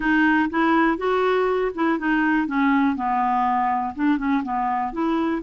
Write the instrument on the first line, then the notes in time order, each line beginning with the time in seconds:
clarinet
0.00 D#4
0.50 E4
0.97 F#4
1.75 E4
1.98 D#4
2.47 C#4
2.96 B3
3.95 D4
4.18 C#4
4.43 B3
4.92 E4